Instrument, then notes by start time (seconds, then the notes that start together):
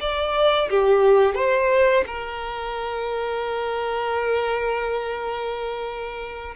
violin
0.00 D5
0.69 G4
1.35 C5
2.06 A#4